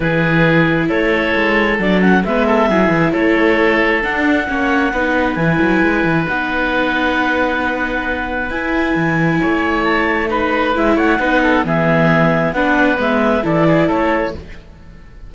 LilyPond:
<<
  \new Staff \with { instrumentName = "clarinet" } { \time 4/4 \tempo 4 = 134 b'2 cis''2 | d''8 fis''8 e''2 cis''4~ | cis''4 fis''2. | gis''2 fis''2~ |
fis''2. gis''4~ | gis''2 a''4 b''4 | e''8 fis''4. e''2 | fis''4 e''4 d''4 cis''4 | }
  \new Staff \with { instrumentName = "oboe" } { \time 4/4 gis'2 a'2~ | a'4 b'8 a'8 gis'4 a'4~ | a'2 cis''4 b'4~ | b'1~ |
b'1~ | b'4 cis''2 b'4~ | b'8 cis''8 b'8 a'8 gis'2 | b'2 a'8 gis'8 a'4 | }
  \new Staff \with { instrumentName = "viola" } { \time 4/4 e'1 | d'8 cis'8 b4 e'2~ | e'4 d'4 cis'4 dis'4 | e'2 dis'2~ |
dis'2. e'4~ | e'2. dis'4 | e'4 dis'4 b2 | d'4 b4 e'2 | }
  \new Staff \with { instrumentName = "cello" } { \time 4/4 e2 a4 gis4 | fis4 gis4 fis8 e8 a4~ | a4 d'4 ais4 b4 | e8 fis8 gis8 e8 b2~ |
b2. e'4 | e4 a2. | gis8 a8 b4 e2 | b4 gis4 e4 a4 | }
>>